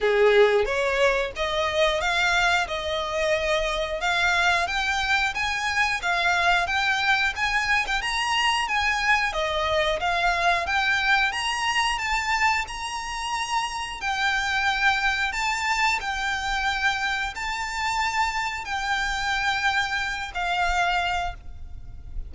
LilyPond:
\new Staff \with { instrumentName = "violin" } { \time 4/4 \tempo 4 = 90 gis'4 cis''4 dis''4 f''4 | dis''2 f''4 g''4 | gis''4 f''4 g''4 gis''8. g''16 | ais''4 gis''4 dis''4 f''4 |
g''4 ais''4 a''4 ais''4~ | ais''4 g''2 a''4 | g''2 a''2 | g''2~ g''8 f''4. | }